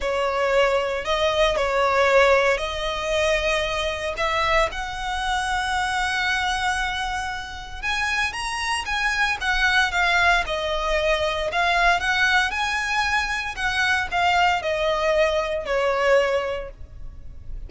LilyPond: \new Staff \with { instrumentName = "violin" } { \time 4/4 \tempo 4 = 115 cis''2 dis''4 cis''4~ | cis''4 dis''2. | e''4 fis''2.~ | fis''2. gis''4 |
ais''4 gis''4 fis''4 f''4 | dis''2 f''4 fis''4 | gis''2 fis''4 f''4 | dis''2 cis''2 | }